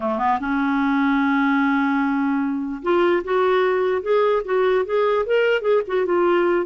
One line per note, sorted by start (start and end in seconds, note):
0.00 0.18 A3
0.18 0.38 B3
0.40 2.82 C#4
2.82 3.22 F4
3.24 4.02 F#4
4.02 4.42 G#4
4.45 4.85 F#4
4.85 5.25 G#4
5.26 5.61 A#4
5.61 5.81 G#4
5.87 6.05 F#4
6.05 6.66 F4